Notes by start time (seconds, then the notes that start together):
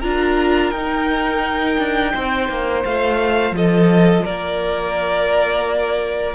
0.00 D4 F4 A#4 A#5
0.70 D#4 G5
1.78 D4
2.14 C4 C5
2.49 A#3
2.84 A3 F4 F5
3.51 F3 A4 D#5
4.25 A#3 A#4 D5